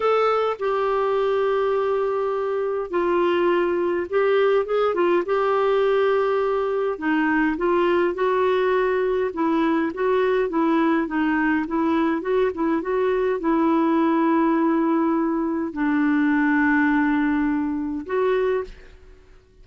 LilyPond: \new Staff \with { instrumentName = "clarinet" } { \time 4/4 \tempo 4 = 103 a'4 g'2.~ | g'4 f'2 g'4 | gis'8 f'8 g'2. | dis'4 f'4 fis'2 |
e'4 fis'4 e'4 dis'4 | e'4 fis'8 e'8 fis'4 e'4~ | e'2. d'4~ | d'2. fis'4 | }